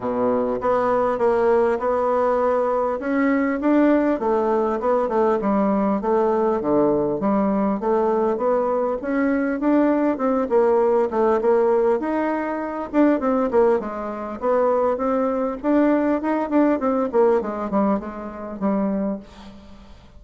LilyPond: \new Staff \with { instrumentName = "bassoon" } { \time 4/4 \tempo 4 = 100 b,4 b4 ais4 b4~ | b4 cis'4 d'4 a4 | b8 a8 g4 a4 d4 | g4 a4 b4 cis'4 |
d'4 c'8 ais4 a8 ais4 | dis'4. d'8 c'8 ais8 gis4 | b4 c'4 d'4 dis'8 d'8 | c'8 ais8 gis8 g8 gis4 g4 | }